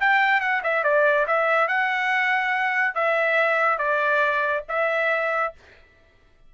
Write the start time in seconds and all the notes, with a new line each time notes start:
0.00 G5
0.40 F#5
0.63 E5
0.84 D5
1.27 E5
1.68 F#5
2.95 E5
3.78 D5
4.69 E5